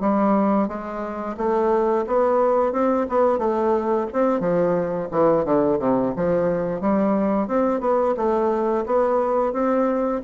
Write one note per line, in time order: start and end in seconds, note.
0.00 0.68 G3
0.68 1.36 G#3
1.37 2.05 A3
2.07 2.72 B3
2.72 3.07 C4
3.09 3.38 B3
3.38 4.07 A3
4.12 4.40 C4
4.40 5.08 F3
5.11 5.45 E3
5.45 5.79 D3
5.79 6.13 C3
6.16 6.81 F3
6.81 7.47 G3
7.47 7.80 C4
7.80 8.14 B3
8.16 8.85 A3
8.86 9.53 B3
9.53 10.21 C4